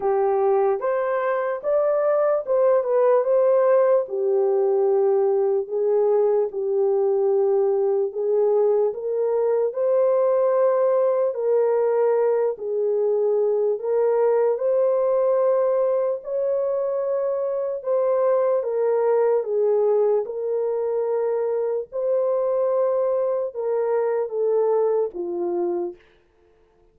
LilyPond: \new Staff \with { instrumentName = "horn" } { \time 4/4 \tempo 4 = 74 g'4 c''4 d''4 c''8 b'8 | c''4 g'2 gis'4 | g'2 gis'4 ais'4 | c''2 ais'4. gis'8~ |
gis'4 ais'4 c''2 | cis''2 c''4 ais'4 | gis'4 ais'2 c''4~ | c''4 ais'4 a'4 f'4 | }